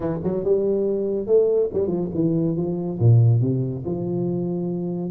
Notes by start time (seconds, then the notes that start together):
0.00 E3
0.23 F#3
0.44 G3
1.26 A3
1.73 G3
1.87 F3
2.14 E3
2.56 F3
2.99 A#2
3.41 C3
3.85 F3